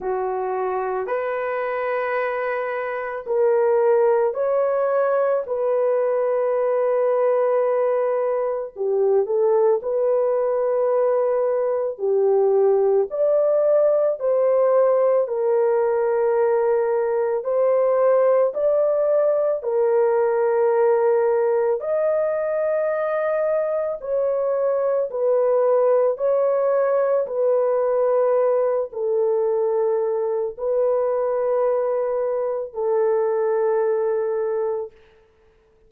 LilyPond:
\new Staff \with { instrumentName = "horn" } { \time 4/4 \tempo 4 = 55 fis'4 b'2 ais'4 | cis''4 b'2. | g'8 a'8 b'2 g'4 | d''4 c''4 ais'2 |
c''4 d''4 ais'2 | dis''2 cis''4 b'4 | cis''4 b'4. a'4. | b'2 a'2 | }